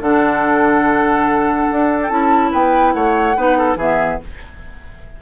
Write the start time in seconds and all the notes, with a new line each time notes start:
0.00 D3 D4 A4 F#5
1.71 D4
2.02 G5
2.09 C#4 E4 A5
2.51 B3 B4 G5
2.93 A3 C#5 F#5
3.36 B3 D#4 B4
3.57 A4
3.76 E3 B3 G#4 E5